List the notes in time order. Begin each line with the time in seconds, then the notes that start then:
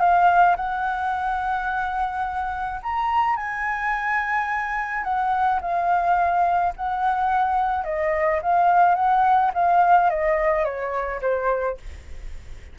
0.00 F5
0.57 F#5
2.83 A#5
3.36 G#5
5.04 F#5
5.62 F5
6.76 F#5
7.85 D#5
8.42 F5
8.95 F#5
9.54 F5
10.10 D#5
10.65 C#5
11.22 C5